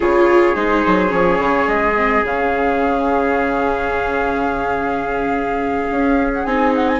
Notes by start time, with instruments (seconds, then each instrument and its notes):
0.00 bassoon C#3, viola F4, trumpet G#4, flute C#5
0.55 bassoon G#3, viola D#4, flute C5
0.86 bassoon F#3
1.08 bassoon F3, viola C#4, flute C#5
1.38 bassoon C#3
1.67 bassoon G#3, flute D#5
1.96 viola C4
2.22 bassoon C#3, viola C#4, flute F5
5.90 bassoon C#4
6.33 flute F#5
6.44 bassoon C4, viola D#4, flute G#5
6.75 flute F#5
6.88 flute G#5